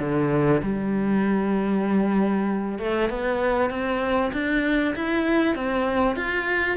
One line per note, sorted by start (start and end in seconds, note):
0.00 0.62 D3
0.62 2.79 G3
2.79 3.10 A3
3.10 3.70 B3
3.70 4.32 C4
4.33 4.95 D4
4.95 5.56 E4
5.56 6.16 C4
6.16 6.77 F4